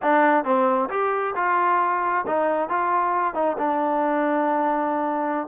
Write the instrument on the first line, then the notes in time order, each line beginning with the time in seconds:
trombone
0.02 D4
0.44 C4
0.89 G4
1.35 F4
2.27 D#4
2.69 F4
3.34 D#4
3.57 D4